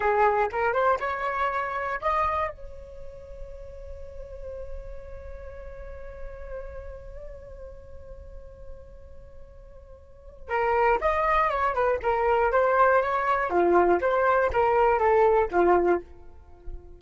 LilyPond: \new Staff \with { instrumentName = "flute" } { \time 4/4 \tempo 4 = 120 gis'4 ais'8 c''8 cis''2 | dis''4 cis''2.~ | cis''1~ | cis''1~ |
cis''1~ | cis''4 ais'4 dis''4 cis''8 b'8 | ais'4 c''4 cis''4 f'4 | c''4 ais'4 a'4 f'4 | }